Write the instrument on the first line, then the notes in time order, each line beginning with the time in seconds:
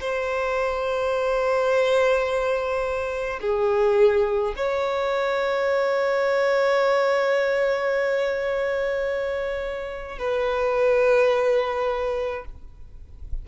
violin
0.00 C5
3.41 G#4
4.56 C#5
10.18 B4